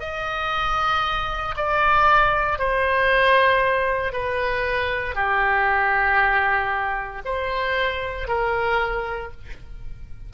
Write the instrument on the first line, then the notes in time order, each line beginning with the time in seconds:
oboe
0.00 D#5
1.57 D5
2.59 C5
4.13 B4
5.15 G4
7.25 C5
8.28 A#4